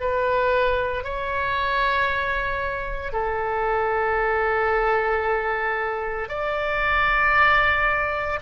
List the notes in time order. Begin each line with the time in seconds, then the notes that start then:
0.00 B4
1.04 C#5
3.13 A4
6.29 D5